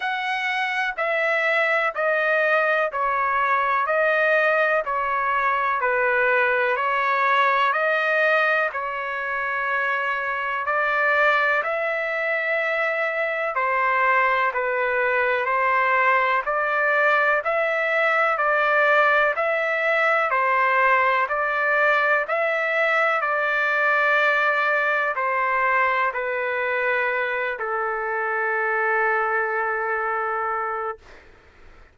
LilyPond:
\new Staff \with { instrumentName = "trumpet" } { \time 4/4 \tempo 4 = 62 fis''4 e''4 dis''4 cis''4 | dis''4 cis''4 b'4 cis''4 | dis''4 cis''2 d''4 | e''2 c''4 b'4 |
c''4 d''4 e''4 d''4 | e''4 c''4 d''4 e''4 | d''2 c''4 b'4~ | b'8 a'2.~ a'8 | }